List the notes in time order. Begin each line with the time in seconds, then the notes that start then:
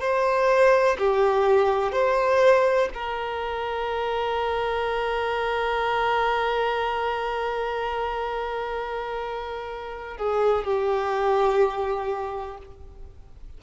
0.00 C5
0.98 G4
1.92 C5
2.93 A#4
10.17 G#4
10.64 G4